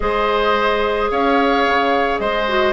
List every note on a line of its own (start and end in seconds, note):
0.00 1.10 G#3
0.00 2.47 G#4
0.00 1.11 C5
0.00 1.09 D#5
1.11 1.66 C#4
1.11 2.20 C#5
1.11 2.18 F5
1.67 2.19 C#3
2.18 2.73 G#3
2.18 2.73 C5
2.18 2.73 D#5
2.47 2.73 F#4